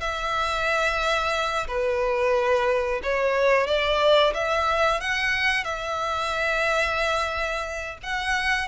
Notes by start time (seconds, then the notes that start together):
0.00 E5
1.67 B4
3.02 C#5
3.66 D5
4.34 E5
5.00 F#5
5.64 E5
8.03 F#5